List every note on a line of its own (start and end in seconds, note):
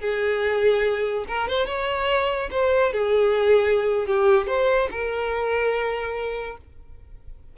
0.00 1.25 G#4
1.28 1.48 A#4
1.48 1.66 C5
1.66 2.49 C#5
2.51 2.93 C5
2.93 4.07 G#4
4.07 4.47 G4
4.47 4.89 C5
4.91 6.58 A#4